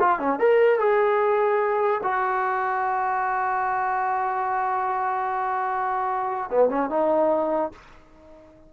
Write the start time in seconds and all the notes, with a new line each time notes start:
0.00 F4
0.20 C#4
0.40 A#4
0.79 G#4
2.04 F#4
6.51 B3
6.70 C#4
6.90 D#4